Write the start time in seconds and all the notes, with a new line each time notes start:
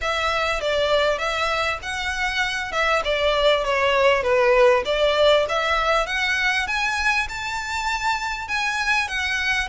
0.01 E5
0.60 D5
1.18 E5
1.82 F#5
2.71 E5
3.04 D5
3.64 C#5
4.22 B4
4.85 D5
5.48 E5
6.06 F#5
6.67 G#5
7.28 A5
8.48 G#5
9.07 F#5